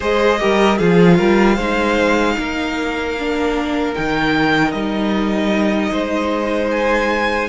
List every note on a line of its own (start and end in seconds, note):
0.00 0.40 G#3
0.00 0.39 G#4
0.00 0.39 C5
0.00 0.78 D#5
0.39 0.79 G3
0.39 0.78 G4
0.39 0.78 A#4
0.78 1.19 F3
0.78 1.57 F4
0.78 1.17 G#4
0.78 3.94 F5
1.17 1.57 G3
1.17 1.55 A#4
1.55 2.36 G#3
1.55 3.17 D#4
1.55 2.34 C5
2.37 3.96 A#3
2.37 5.91 A#4
3.18 3.94 D4
3.94 4.73 D#3
3.94 7.48 D#4
3.94 4.71 G5
4.71 5.91 G3
4.71 6.68 D#5
5.91 7.48 G#3
5.91 7.48 C5
6.70 7.48 G#5